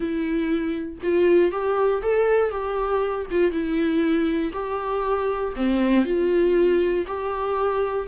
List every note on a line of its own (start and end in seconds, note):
0.00 0.98 E4
1.02 1.51 F4
1.51 2.02 G4
2.02 2.50 A4
2.50 3.26 G4
3.30 3.51 F4
3.51 4.51 E4
4.52 5.53 G4
5.56 6.04 C4
6.04 7.05 F4
7.06 8.07 G4